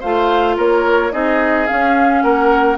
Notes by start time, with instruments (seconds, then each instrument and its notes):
0.00 bassoon A3, clarinet F4, oboe C5, flute F5
0.57 bassoon A#3, oboe A#4, flute C#5
1.12 bassoon C4, clarinet D#4, oboe G#4, flute D#5
1.67 clarinet C#4, bassoon C#4, flute F5
2.22 bassoon A#3, oboe A#4, flute F#5